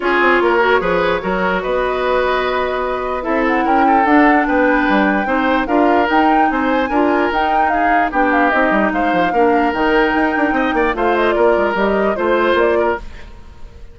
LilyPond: <<
  \new Staff \with { instrumentName = "flute" } { \time 4/4 \tempo 4 = 148 cis''1 | dis''1 | e''8 fis''8 g''4 fis''4 g''4~ | g''2 f''4 g''4 |
gis''2 g''4 f''4 | g''8 f''8 dis''4 f''2 | g''2. f''8 dis''8 | d''4 dis''4 c''4 d''4 | }
  \new Staff \with { instrumentName = "oboe" } { \time 4/4 gis'4 ais'4 b'4 ais'4 | b'1 | a'4 ais'8 a'4. b'4~ | b'4 c''4 ais'2 |
c''4 ais'2 gis'4 | g'2 c''4 ais'4~ | ais'2 dis''8 d''8 c''4 | ais'2 c''4. ais'8 | }
  \new Staff \with { instrumentName = "clarinet" } { \time 4/4 f'4. fis'8 gis'4 fis'4~ | fis'1 | e'2 d'2~ | d'4 dis'4 f'4 dis'4~ |
dis'4 f'4 dis'2 | d'4 dis'2 d'4 | dis'2. f'4~ | f'4 g'4 f'2 | }
  \new Staff \with { instrumentName = "bassoon" } { \time 4/4 cis'8 c'8 ais4 f4 fis4 | b1 | c'4 cis'4 d'4 b4 | g4 c'4 d'4 dis'4 |
c'4 d'4 dis'2 | b4 c'8 g8 gis8 f8 ais4 | dis4 dis'8 d'8 c'8 ais8 a4 | ais8 gis8 g4 a4 ais4 | }
>>